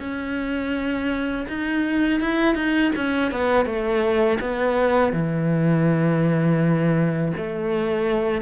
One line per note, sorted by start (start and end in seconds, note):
0.00 1.46 C#4
1.49 2.21 D#4
2.21 2.55 E4
2.55 2.92 D#4
2.96 3.32 C#4
3.32 3.66 B3
3.66 4.39 A3
4.41 5.13 B3
5.13 7.33 E3
7.37 8.42 A3